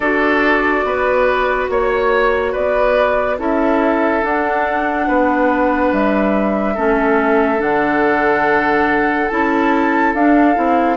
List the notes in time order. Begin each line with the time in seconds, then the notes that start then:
0.00 D4 F#4 A4 D5
0.84 B3 B4
1.69 A#3 C#5
2.52 B3 B4 D5
3.38 C#4 E4 A4 E5
4.22 D4 F#5
5.07 B3 B4
5.92 G3 E5
6.73 A3 C#4 A4
7.58 D3 D4 F#5
9.28 C#4 E4 A5
10.14 D4 F5
10.54 C4 E4